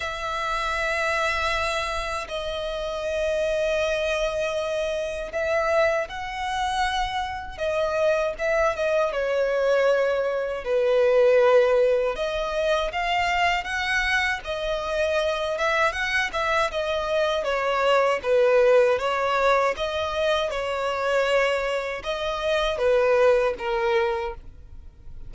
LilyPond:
\new Staff \with { instrumentName = "violin" } { \time 4/4 \tempo 4 = 79 e''2. dis''4~ | dis''2. e''4 | fis''2 dis''4 e''8 dis''8 | cis''2 b'2 |
dis''4 f''4 fis''4 dis''4~ | dis''8 e''8 fis''8 e''8 dis''4 cis''4 | b'4 cis''4 dis''4 cis''4~ | cis''4 dis''4 b'4 ais'4 | }